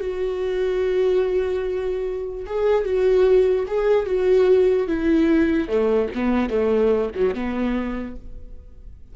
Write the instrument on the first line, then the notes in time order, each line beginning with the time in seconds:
viola
0.00 F#4
2.46 G#4
2.84 F#4
3.67 G#4
4.06 F#4
4.87 E4
5.68 A3
6.14 B3
6.49 A3
7.15 F#3
7.34 B3